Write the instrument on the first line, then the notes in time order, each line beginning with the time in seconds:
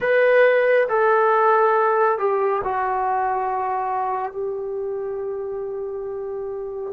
trombone
0.00 B4
0.88 A4
2.18 G4
2.63 F#4
4.32 G4